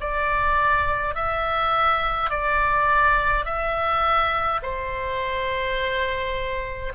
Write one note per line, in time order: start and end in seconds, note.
0.00 1.15 D5
1.15 2.30 E5
2.30 3.45 D5
3.45 4.60 E5
4.62 6.93 C5